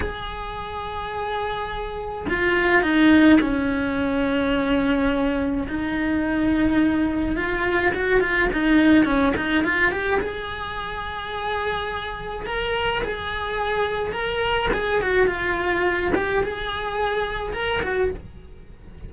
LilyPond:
\new Staff \with { instrumentName = "cello" } { \time 4/4 \tempo 4 = 106 gis'1 | f'4 dis'4 cis'2~ | cis'2 dis'2~ | dis'4 f'4 fis'8 f'8 dis'4 |
cis'8 dis'8 f'8 g'8 gis'2~ | gis'2 ais'4 gis'4~ | gis'4 ais'4 gis'8 fis'8 f'4~ | f'8 g'8 gis'2 ais'8 fis'8 | }